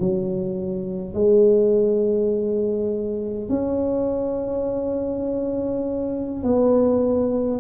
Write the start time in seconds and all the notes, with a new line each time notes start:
0.00 F#3
1.14 G#3
3.50 C#4
6.44 B3